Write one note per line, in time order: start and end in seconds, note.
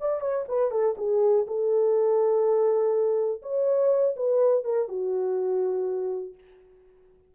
0.00 0.20 D5
0.20 0.45 C#5
0.48 0.71 B4
0.71 0.95 A4
0.97 1.46 G#4
1.47 3.42 A4
3.42 4.15 C#5
4.16 4.64 B4
4.64 4.88 A#4
4.88 6.34 F#4